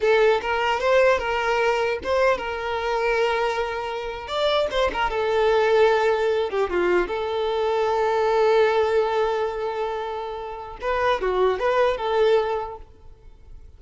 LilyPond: \new Staff \with { instrumentName = "violin" } { \time 4/4 \tempo 4 = 150 a'4 ais'4 c''4 ais'4~ | ais'4 c''4 ais'2~ | ais'2~ ais'8. d''4 c''16~ | c''16 ais'8 a'2.~ a'16~ |
a'16 g'8 f'4 a'2~ a'16~ | a'1~ | a'2. b'4 | fis'4 b'4 a'2 | }